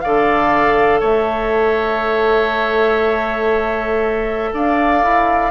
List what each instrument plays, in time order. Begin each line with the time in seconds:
0.00 bassoon D3, clarinet A4, oboe D5, flute F5
1.00 bassoon A3, oboe C#5, flute E5
4.53 bassoon D4, oboe D5, flute F5
5.03 bassoon E4